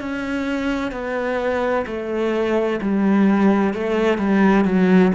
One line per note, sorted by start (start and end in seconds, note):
0.00 0.92 C#4
0.92 1.85 B3
1.87 2.80 A3
2.81 3.74 G3
3.74 4.18 A3
4.18 4.65 G3
4.65 5.12 F#3